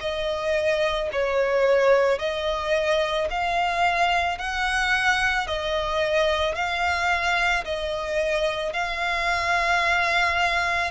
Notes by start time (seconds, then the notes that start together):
0.00 D#5
1.12 C#5
2.19 D#5
3.30 F5
4.38 F#5
5.47 D#5
6.55 F5
7.65 D#5
8.73 F5